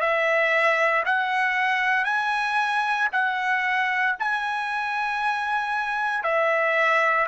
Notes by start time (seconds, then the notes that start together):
0.00 E5
1.05 F#5
2.05 G#5
3.13 F#5
4.19 G#5
6.24 E5